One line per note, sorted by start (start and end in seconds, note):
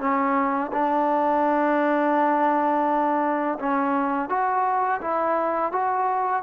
0.00 0.71 C#4
0.73 3.58 D4
3.59 4.29 C#4
4.29 5.01 F#4
5.01 5.72 E4
5.72 6.43 F#4